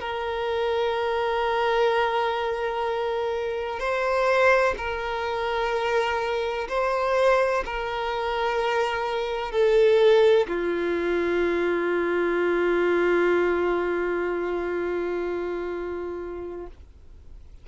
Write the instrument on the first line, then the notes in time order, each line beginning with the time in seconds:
violin
0.00 A#4
3.79 C5
4.77 A#4
6.68 C5
7.65 A#4
9.52 A4
10.48 F4